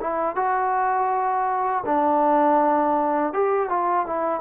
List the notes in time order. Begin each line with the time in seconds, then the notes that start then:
0.00 E4
0.36 F#4
1.86 D4
3.33 G4
3.69 F4
4.06 E4